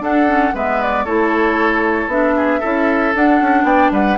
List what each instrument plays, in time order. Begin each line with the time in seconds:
0.00 bassoon D4, clarinet D4, oboe A4, flute F#5
0.27 clarinet C#4
0.54 bassoon G#3, clarinet B3, oboe B4, flute E5
0.83 flute D5
1.05 bassoon A3, clarinet E4, oboe A4, flute C#5
2.07 bassoon B3, clarinet D4, flute E5
2.37 oboe G#4
2.60 bassoon C#4, clarinet E4, oboe A4
3.15 bassoon D4, clarinet D4, flute F#5
3.41 bassoon C#4
3.64 bassoon B3, oboe D5, flute G5
3.91 bassoon G3, oboe B4, flute F#5